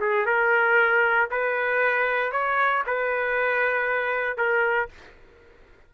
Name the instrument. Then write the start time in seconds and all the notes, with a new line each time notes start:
trumpet
0.00 G#4
0.26 A#4
1.30 B4
2.32 C#5
2.87 B4
4.37 A#4